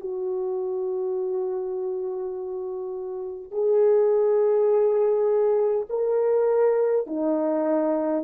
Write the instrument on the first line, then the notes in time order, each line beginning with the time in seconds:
horn
0.00 F#4
3.51 G#4
5.89 A#4
7.07 D#4